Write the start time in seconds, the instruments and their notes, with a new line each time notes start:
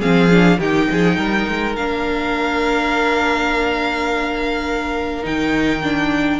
0.00 cello F3, viola C4, violin G#4 F5
0.31 viola D4
0.59 cello D#3, viola D#4, violin G4 G5
0.91 cello F3, violin G#4
1.17 cello G3, violin A#4
1.49 cello G#3
1.76 cello A#3, viola D4, violin F5
5.24 cello D#3, viola D#4, violin G5
5.83 viola D4